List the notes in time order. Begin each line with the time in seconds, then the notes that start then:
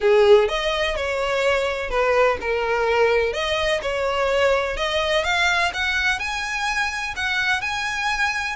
0.00 G#4
0.48 D#5
0.96 C#5
1.89 B4
2.40 A#4
3.33 D#5
3.82 C#5
4.76 D#5
5.24 F5
5.73 F#5
6.19 G#5
7.16 F#5
7.61 G#5